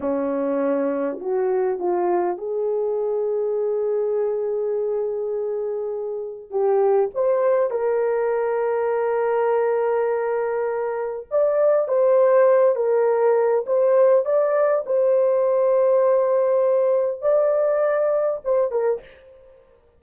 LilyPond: \new Staff \with { instrumentName = "horn" } { \time 4/4 \tempo 4 = 101 cis'2 fis'4 f'4 | gis'1~ | gis'2. g'4 | c''4 ais'2.~ |
ais'2. d''4 | c''4. ais'4. c''4 | d''4 c''2.~ | c''4 d''2 c''8 ais'8 | }